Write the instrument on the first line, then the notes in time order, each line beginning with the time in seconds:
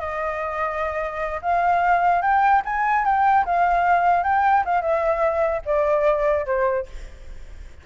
flute
0.00 D#5
1.42 F5
2.22 G5
2.65 G#5
3.05 G5
3.46 F5
4.24 G5
4.65 F5
4.82 E5
5.65 D5
6.46 C5